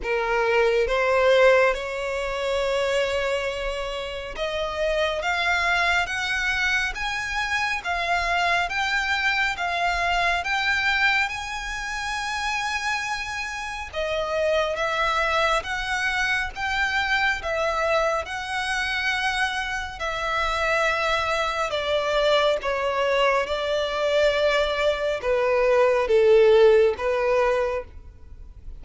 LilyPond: \new Staff \with { instrumentName = "violin" } { \time 4/4 \tempo 4 = 69 ais'4 c''4 cis''2~ | cis''4 dis''4 f''4 fis''4 | gis''4 f''4 g''4 f''4 | g''4 gis''2. |
dis''4 e''4 fis''4 g''4 | e''4 fis''2 e''4~ | e''4 d''4 cis''4 d''4~ | d''4 b'4 a'4 b'4 | }